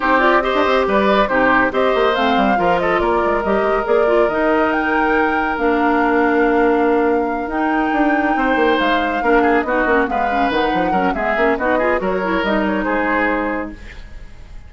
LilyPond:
<<
  \new Staff \with { instrumentName = "flute" } { \time 4/4 \tempo 4 = 140 c''8 d''8 dis''4 d''4 c''4 | dis''4 f''4. dis''8 d''4 | dis''4 d''4 dis''4 g''4~ | g''4 f''2.~ |
f''4. g''2~ g''8~ | g''8 f''2 dis''4 f''8~ | f''8 fis''4. e''4 dis''4 | cis''4 dis''8 cis''8 c''2 | }
  \new Staff \with { instrumentName = "oboe" } { \time 4/4 g'4 c''4 b'4 g'4 | c''2 ais'8 a'8 ais'4~ | ais'1~ | ais'1~ |
ais'2.~ ais'8 c''8~ | c''4. ais'8 gis'8 fis'4 b'8~ | b'4. ais'8 gis'4 fis'8 gis'8 | ais'2 gis'2 | }
  \new Staff \with { instrumentName = "clarinet" } { \time 4/4 dis'8 f'8 g'2 dis'4 | g'4 c'4 f'2 | g'4 gis'8 f'8 dis'2~ | dis'4 d'2.~ |
d'4. dis'2~ dis'8~ | dis'4. d'4 dis'8 cis'8 b8 | cis'8 dis'4 cis'8 b8 cis'8 dis'8 f'8 | fis'8 e'8 dis'2. | }
  \new Staff \with { instrumentName = "bassoon" } { \time 4/4 c'4~ c'16 d'16 c'8 g4 c4 | c'8 ais8 a8 g8 f4 ais8 gis8 | g8 gis8 ais4 dis2~ | dis4 ais2.~ |
ais4. dis'4 d'4 c'8 | ais8 gis4 ais4 b8 ais8 gis8~ | gis8 dis8 f8 fis8 gis8 ais8 b4 | fis4 g4 gis2 | }
>>